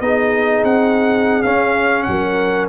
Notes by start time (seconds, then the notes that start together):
0.00 B3 D#4 G#4 D#5
0.64 C4 F#5
1.42 C#4 F5
2.02 F#3 F#5
2.10 A#4